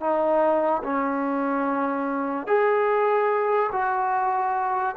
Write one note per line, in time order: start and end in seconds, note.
0.00 0.82 D#4
0.83 2.47 C#4
2.47 3.70 G#4
3.72 4.95 F#4